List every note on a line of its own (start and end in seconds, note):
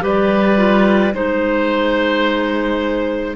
0.00 1.13 G3
0.00 0.56 G4
0.00 1.14 B4
0.00 1.15 D5
0.56 1.12 F4
1.14 3.35 G#3
1.14 3.35 D#4
1.14 3.35 C5